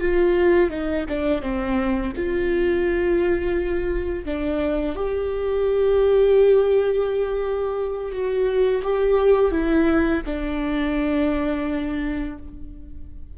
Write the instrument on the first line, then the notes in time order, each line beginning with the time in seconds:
viola
0.00 F4
0.70 D#4
1.08 D4
1.41 C4
2.16 F4
4.25 D4
4.95 G4
8.11 F#4
8.83 G4
9.51 E4
10.26 D4